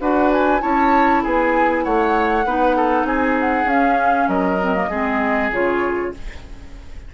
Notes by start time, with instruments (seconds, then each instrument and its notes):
0.00 bassoon D4, clarinet F#4, oboe B4, flute F#5
0.32 flute G#5
0.60 bassoon C#4, clarinet E4, oboe C#5, flute A5
1.23 bassoon B3, oboe G#4, flute G#5
1.84 bassoon A3, oboe C#5, flute F#5
2.45 bassoon B3, clarinet D#4, oboe B4
2.76 oboe A4
3.04 bassoon C4, oboe G#4, flute G#5
3.40 flute F#5
3.65 bassoon C#4, clarinet C#4, flute F5
4.28 bassoon F#3, oboe A#4, flute D#5
4.60 clarinet C4
4.74 clarinet A#3
4.89 bassoon G#3, clarinet C4, oboe G#4
5.52 bassoon C#3, clarinet F4, flute C#5